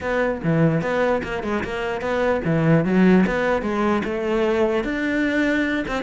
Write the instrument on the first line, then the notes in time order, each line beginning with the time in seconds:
cello
0.00 B3
0.43 E3
0.81 B3
1.23 A#3
1.43 G#3
1.63 A#3
2.01 B3
2.44 E3
2.84 F#3
3.26 B3
3.62 G#3
4.04 A3
4.84 D4
5.87 C4